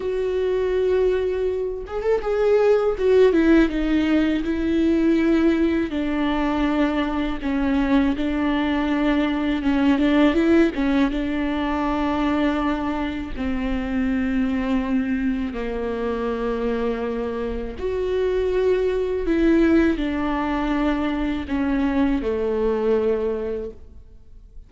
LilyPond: \new Staff \with { instrumentName = "viola" } { \time 4/4 \tempo 4 = 81 fis'2~ fis'8 gis'16 a'16 gis'4 | fis'8 e'8 dis'4 e'2 | d'2 cis'4 d'4~ | d'4 cis'8 d'8 e'8 cis'8 d'4~ |
d'2 c'2~ | c'4 ais2. | fis'2 e'4 d'4~ | d'4 cis'4 a2 | }